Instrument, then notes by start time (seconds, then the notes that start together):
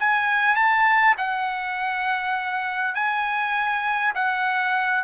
trumpet
0.00 G#5
0.56 A5
1.18 F#5
2.95 G#5
4.15 F#5